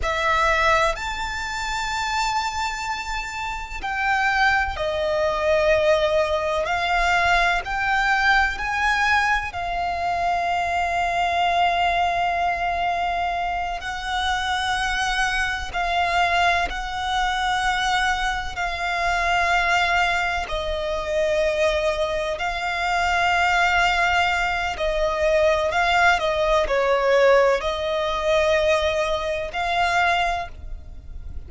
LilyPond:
\new Staff \with { instrumentName = "violin" } { \time 4/4 \tempo 4 = 63 e''4 a''2. | g''4 dis''2 f''4 | g''4 gis''4 f''2~ | f''2~ f''8 fis''4.~ |
fis''8 f''4 fis''2 f''8~ | f''4. dis''2 f''8~ | f''2 dis''4 f''8 dis''8 | cis''4 dis''2 f''4 | }